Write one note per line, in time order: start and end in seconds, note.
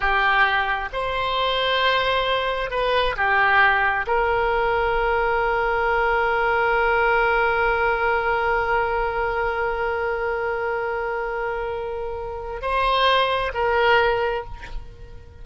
0.00 0.89 G4
0.92 2.70 C5
2.70 3.15 B4
3.16 4.06 G4
4.06 12.61 A#4
12.61 13.52 C5
13.54 14.44 A#4